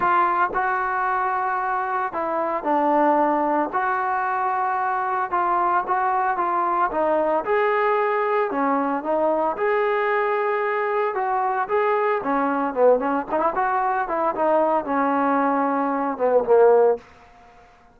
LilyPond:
\new Staff \with { instrumentName = "trombone" } { \time 4/4 \tempo 4 = 113 f'4 fis'2. | e'4 d'2 fis'4~ | fis'2 f'4 fis'4 | f'4 dis'4 gis'2 |
cis'4 dis'4 gis'2~ | gis'4 fis'4 gis'4 cis'4 | b8 cis'8 dis'16 e'16 fis'4 e'8 dis'4 | cis'2~ cis'8 b8 ais4 | }